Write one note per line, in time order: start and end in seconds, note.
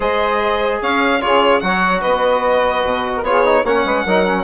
0.00 0.80 G#3
0.00 1.20 G#4
0.00 0.81 C5
0.00 0.82 D#5
0.81 1.22 C#4
0.81 1.21 C#5
0.81 1.21 F5
1.20 1.62 C#3
1.20 1.61 F4
1.20 1.64 G#4
1.20 1.60 C#5
1.60 2.02 F#3
1.60 3.24 F#4
1.60 2.00 C#5
1.60 2.01 F#5
2.00 2.84 B3
2.00 3.12 B4
2.00 3.22 D#5
2.84 3.22 B2
3.16 3.62 B3
3.16 3.26 A#4
3.25 3.44 F4
3.25 3.63 G#4
3.25 3.65 C#5
3.44 3.64 D#4
3.63 3.84 A#3
3.63 4.07 C#4
3.63 3.83 C#5
3.63 4.44 F#5
3.84 4.04 G#3
3.84 4.05 B4
4.05 4.44 F#3
4.05 4.26 D#4
4.05 4.44 A#4
4.26 4.44 C#4